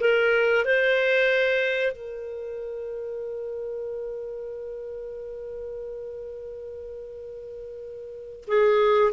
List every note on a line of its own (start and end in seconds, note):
0.00 0.65 A#4
0.65 1.92 C5
1.92 8.45 A#4
8.48 9.13 G#4